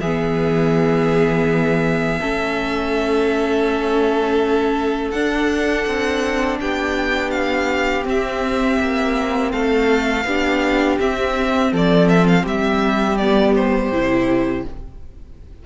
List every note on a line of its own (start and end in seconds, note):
0.00 2.20 E3
0.00 2.20 G#4
0.00 5.11 E5
0.06 2.21 B3
2.20 5.14 A3
2.20 5.14 C#4
2.20 6.59 A4
5.11 5.87 D4
5.11 8.04 D4
5.11 6.58 F#5
5.87 6.60 C4
6.61 8.05 B3
6.61 9.52 G4
6.61 7.31 G5
7.31 8.04 F5
8.04 10.24 C4
8.04 8.79 C4
8.04 9.52 E5
8.80 9.53 A#3
9.52 10.25 A3
9.52 10.25 A4
9.52 10.98 F5
10.25 10.98 B3
10.25 11.00 D4
10.25 11.71 G4
11.00 13.20 C4
11.00 11.73 C4
11.00 11.73 E5
11.71 12.45 F3
11.71 12.43 A4
11.71 12.09 D5
12.09 12.27 E5
12.27 12.46 F5
12.43 13.91 G3
12.43 14.63 G4
12.43 13.18 E5
13.18 13.93 B3
13.18 13.54 D5
13.55 14.65 C5
13.92 14.65 C3
13.92 14.66 E4